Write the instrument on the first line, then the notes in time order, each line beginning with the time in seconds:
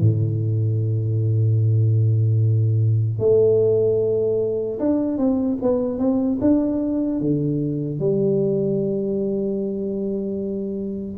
tuba
0.00 A2
3.19 A3
4.79 D4
5.18 C4
5.62 B3
5.99 C4
6.41 D4
7.20 D3
7.99 G3